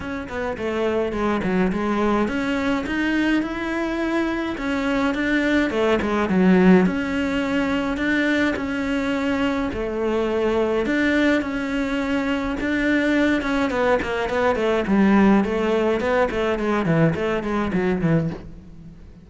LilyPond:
\new Staff \with { instrumentName = "cello" } { \time 4/4 \tempo 4 = 105 cis'8 b8 a4 gis8 fis8 gis4 | cis'4 dis'4 e'2 | cis'4 d'4 a8 gis8 fis4 | cis'2 d'4 cis'4~ |
cis'4 a2 d'4 | cis'2 d'4. cis'8 | b8 ais8 b8 a8 g4 a4 | b8 a8 gis8 e8 a8 gis8 fis8 e8 | }